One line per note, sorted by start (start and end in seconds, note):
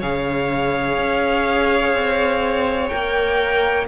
0.00 0.98 C#3
0.00 2.90 G#4
0.00 3.87 C#5
0.00 2.89 F5
0.98 1.94 C#4
1.94 2.91 C4
2.89 3.88 A#3
2.89 3.87 A#4
2.89 3.85 G5